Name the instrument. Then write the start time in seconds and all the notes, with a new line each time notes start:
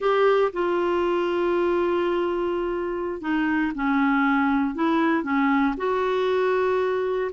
clarinet
0.00 G4
0.53 F4
3.21 D#4
3.75 C#4
4.74 E4
5.23 C#4
5.77 F#4